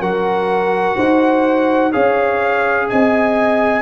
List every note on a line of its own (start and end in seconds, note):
0.00 0.95 F#3
0.00 1.92 F#4
0.00 0.95 A#4
0.00 1.92 F#5
0.95 1.94 D#4
0.95 1.91 C5
1.91 2.90 C#4
1.91 3.82 G#4
1.91 2.86 C#5
1.91 2.87 F5
2.89 3.82 C4
2.89 3.82 D#5
2.89 3.82 G#5